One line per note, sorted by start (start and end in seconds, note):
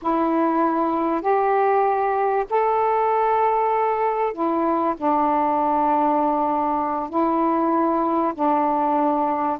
0.02 1.21 E4
1.21 2.45 G4
2.49 4.33 A4
4.33 4.95 E4
4.97 7.09 D4
7.09 8.33 E4
8.34 9.58 D4